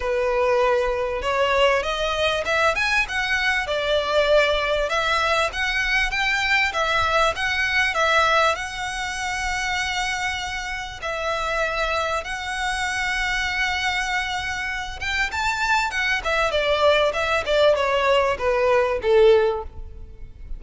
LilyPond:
\new Staff \with { instrumentName = "violin" } { \time 4/4 \tempo 4 = 98 b'2 cis''4 dis''4 | e''8 gis''8 fis''4 d''2 | e''4 fis''4 g''4 e''4 | fis''4 e''4 fis''2~ |
fis''2 e''2 | fis''1~ | fis''8 g''8 a''4 fis''8 e''8 d''4 | e''8 d''8 cis''4 b'4 a'4 | }